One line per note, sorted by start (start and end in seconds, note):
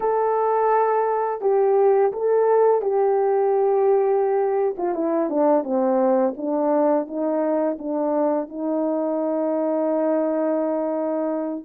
0.00 1.41 A4
1.41 2.11 G4
2.12 2.81 A4
2.81 4.75 G4
4.77 4.94 F4
4.94 5.29 E4
5.29 5.63 D4
5.63 6.34 C4
6.37 7.07 D4
7.07 7.77 D#4
7.78 8.48 D4
8.48 11.64 D#4